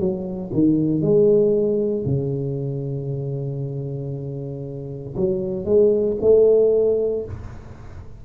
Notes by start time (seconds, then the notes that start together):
0.00 F#3
0.54 D#3
1.03 G#3
2.05 C#3
5.17 F#3
5.66 G#3
6.22 A3